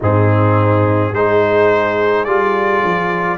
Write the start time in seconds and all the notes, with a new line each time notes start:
0.00 G#2 C4 D#4 G#4
1.12 G#3 D#4 G#4 C5
2.24 G3 F4 D5
2.83 F3